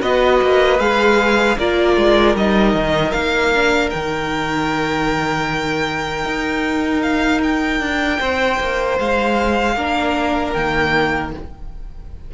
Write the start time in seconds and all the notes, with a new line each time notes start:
0.00 B3 F#4 B4 D#5
0.41 A#3
0.79 G#3 G#4 F5
1.58 A#3 F4 A#4 D5
1.97 G#3
2.35 G3 D#4 D#5
2.74 D#3
3.11 A#3 F5
3.54 D4
3.90 D#3 D#4 G5
6.24 D#4
7.02 F5
7.43 G5
7.80 D4
8.19 C4 C5
8.60 A#3
8.99 G#3 F5
9.76 A#3 D4 A#4
10.53 D#3 A#3 G5